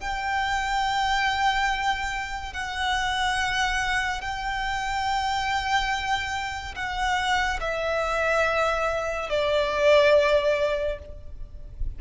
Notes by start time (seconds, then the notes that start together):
0.00 G5
2.54 F#5
4.21 G5
6.75 F#5
7.61 E5
9.30 D5